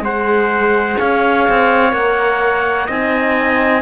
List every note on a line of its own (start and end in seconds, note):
0.00 0.95 G#3
0.00 1.91 G#4
0.00 0.98 C5
0.00 0.98 F#5
0.98 1.48 C#4
0.98 2.86 C#5
0.98 1.92 F5
1.48 1.92 C4
1.91 2.88 A#3
1.91 2.86 A#4
1.91 2.87 F#5
2.86 3.81 C4
2.86 3.81 D#4
2.86 3.81 D#5
2.86 3.81 G#5